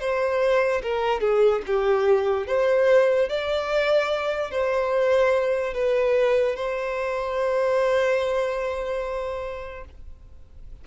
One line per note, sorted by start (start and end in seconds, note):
0.00 0.82 C5
0.83 1.21 A#4
1.21 1.62 G#4
1.67 2.47 G4
2.47 3.30 C5
3.30 4.52 D5
4.52 5.74 C5
5.74 6.56 B4
6.56 9.85 C5